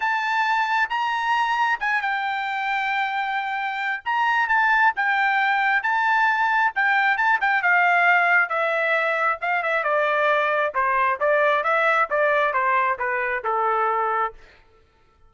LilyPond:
\new Staff \with { instrumentName = "trumpet" } { \time 4/4 \tempo 4 = 134 a''2 ais''2 | gis''8 g''2.~ g''8~ | g''4 ais''4 a''4 g''4~ | g''4 a''2 g''4 |
a''8 g''8 f''2 e''4~ | e''4 f''8 e''8 d''2 | c''4 d''4 e''4 d''4 | c''4 b'4 a'2 | }